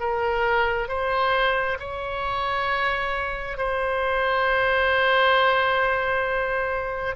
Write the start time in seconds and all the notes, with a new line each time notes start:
0.00 A#4
0.88 C5
1.80 C#5
3.57 C5